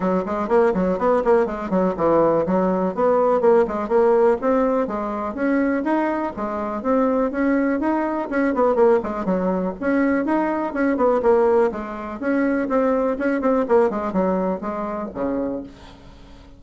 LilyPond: \new Staff \with { instrumentName = "bassoon" } { \time 4/4 \tempo 4 = 123 fis8 gis8 ais8 fis8 b8 ais8 gis8 fis8 | e4 fis4 b4 ais8 gis8 | ais4 c'4 gis4 cis'4 | dis'4 gis4 c'4 cis'4 |
dis'4 cis'8 b8 ais8 gis8 fis4 | cis'4 dis'4 cis'8 b8 ais4 | gis4 cis'4 c'4 cis'8 c'8 | ais8 gis8 fis4 gis4 cis4 | }